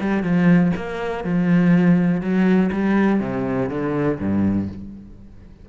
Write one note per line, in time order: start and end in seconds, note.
0.00 0.23 G3
0.23 0.72 F3
0.76 1.24 A#3
1.24 2.21 F3
2.21 2.70 F#3
2.72 3.20 G3
3.20 3.69 C3
3.69 4.18 D3
4.19 4.68 G2